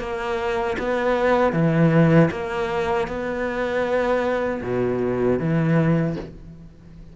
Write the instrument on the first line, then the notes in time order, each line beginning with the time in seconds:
cello
0.00 A#3
0.78 B3
1.53 E3
2.31 A#3
3.08 B3
4.63 B2
5.39 E3